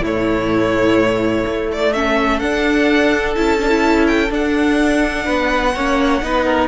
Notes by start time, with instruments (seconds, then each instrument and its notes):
0.00 cello A2, viola A3, violin E4 C#5
1.46 cello A3
1.72 violin D5
1.93 viola C#4, violin A4 E5
2.39 cello D4, viola D4, violin F#5
3.35 cello C#4, viola E4, violin A5
3.60 viola D4
3.68 viola E4
4.07 violin G5
4.30 viola D4, cello D4, violin F#5
5.25 cello B3, violin B4
5.74 cello A#3, viola C#4, violin C#5
6.22 cello B3, viola D#4, violin B4
6.45 violin A#4